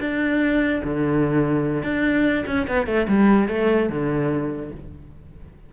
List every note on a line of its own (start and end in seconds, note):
0.00 0.82 D4
0.84 1.83 D3
1.83 2.45 D4
2.47 2.67 C#4
2.68 2.87 B3
2.87 3.07 A3
3.09 3.49 G3
3.49 3.90 A3
3.90 4.72 D3